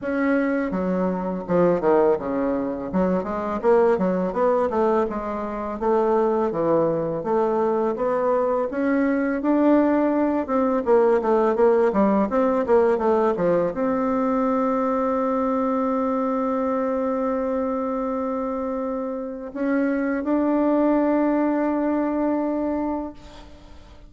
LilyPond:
\new Staff \with { instrumentName = "bassoon" } { \time 4/4 \tempo 4 = 83 cis'4 fis4 f8 dis8 cis4 | fis8 gis8 ais8 fis8 b8 a8 gis4 | a4 e4 a4 b4 | cis'4 d'4. c'8 ais8 a8 |
ais8 g8 c'8 ais8 a8 f8 c'4~ | c'1~ | c'2. cis'4 | d'1 | }